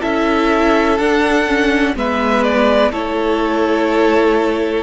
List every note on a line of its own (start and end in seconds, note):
0.00 0.99 C#4
0.00 0.98 E4
0.00 1.94 A4
0.00 0.98 E5
0.98 1.96 D4
0.98 1.47 D4
0.98 1.95 F#5
1.47 1.95 C#4
1.95 2.91 G#3
1.95 2.92 B3
1.95 2.91 B4
1.95 2.44 E5
2.44 2.92 D5
2.91 4.83 A3
2.91 4.83 E4
2.91 4.83 A4
2.91 4.83 C#5